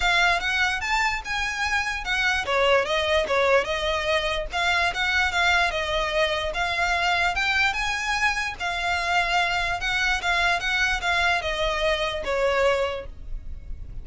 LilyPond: \new Staff \with { instrumentName = "violin" } { \time 4/4 \tempo 4 = 147 f''4 fis''4 a''4 gis''4~ | gis''4 fis''4 cis''4 dis''4 | cis''4 dis''2 f''4 | fis''4 f''4 dis''2 |
f''2 g''4 gis''4~ | gis''4 f''2. | fis''4 f''4 fis''4 f''4 | dis''2 cis''2 | }